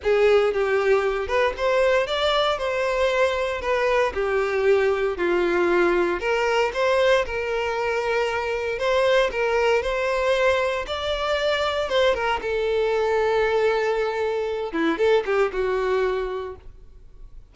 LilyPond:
\new Staff \with { instrumentName = "violin" } { \time 4/4 \tempo 4 = 116 gis'4 g'4. b'8 c''4 | d''4 c''2 b'4 | g'2 f'2 | ais'4 c''4 ais'2~ |
ais'4 c''4 ais'4 c''4~ | c''4 d''2 c''8 ais'8 | a'1~ | a'8 e'8 a'8 g'8 fis'2 | }